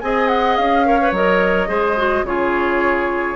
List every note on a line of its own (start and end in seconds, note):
0.00 0.58 C4
0.00 0.85 G#4
0.00 0.87 D#5
0.00 0.28 G#5
0.28 0.56 F#5
0.56 1.12 C#4
0.56 1.12 F5
0.85 0.99 A#4
0.85 1.68 C#5
1.01 1.15 B4
1.12 1.68 F#3
1.12 1.67 A#4
1.12 2.26 D#5
1.67 2.23 G#3
1.67 1.95 G#4
1.67 2.24 C5
1.97 2.25 F#4
2.23 3.35 C#3
2.23 3.36 F4
2.23 3.36 G#4
2.23 3.36 C#5